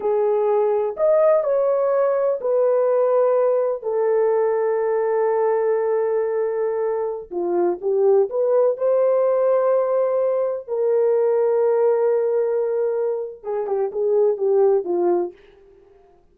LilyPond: \new Staff \with { instrumentName = "horn" } { \time 4/4 \tempo 4 = 125 gis'2 dis''4 cis''4~ | cis''4 b'2. | a'1~ | a'2.~ a'16 f'8.~ |
f'16 g'4 b'4 c''4.~ c''16~ | c''2~ c''16 ais'4.~ ais'16~ | ais'1 | gis'8 g'8 gis'4 g'4 f'4 | }